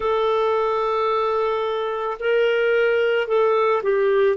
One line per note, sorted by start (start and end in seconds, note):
0.00 2.17 A4
2.19 3.27 A#4
3.27 3.82 A4
3.82 4.36 G4